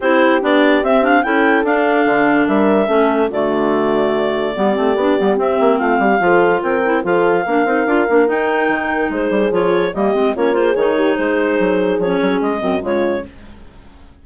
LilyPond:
<<
  \new Staff \with { instrumentName = "clarinet" } { \time 4/4 \tempo 4 = 145 c''4 d''4 e''8 f''8 g''4 | f''2 e''2 | d''1~ | d''4 e''4 f''2 |
g''4 f''2. | g''2 c''4 cis''4 | dis''4 cis''8 c''8 cis''4 c''4~ | c''4 cis''4 dis''4 cis''4 | }
  \new Staff \with { instrumentName = "horn" } { \time 4/4 g'2. a'4~ | a'2 ais'4 a'4 | fis'2. g'4~ | g'2 f'8 g'8 a'4 |
ais'4 a'4 ais'2~ | ais'2 gis'2 | g'4 f'8 gis'4 g'8 gis'4~ | gis'2~ gis'8 fis'8 f'4 | }
  \new Staff \with { instrumentName = "clarinet" } { \time 4/4 e'4 d'4 c'8 d'8 e'4 | d'2. cis'4 | a2. b8 c'8 | d'8 b8 c'2 f'4~ |
f'8 e'8 f'4 d'8 dis'8 f'8 d'8 | dis'2. f'4 | ais8 c'8 cis'8 f'8 dis'2~ | dis'4 cis'4. c'8 gis4 | }
  \new Staff \with { instrumentName = "bassoon" } { \time 4/4 c'4 b4 c'4 cis'4 | d'4 d4 g4 a4 | d2. g8 a8 | b8 g8 c'8 ais8 a8 g8 f4 |
c'4 f4 ais8 c'8 d'8 ais8 | dis'4 dis4 gis8 g8 f4 | g8 gis8 ais4 dis4 gis4 | fis4 f8 fis8 gis8 fis,8 cis4 | }
>>